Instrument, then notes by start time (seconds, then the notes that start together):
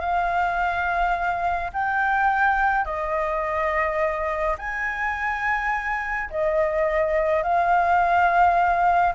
flute
0.00 F5
1.73 G5
2.85 D#5
4.58 G#5
6.30 D#5
7.43 F5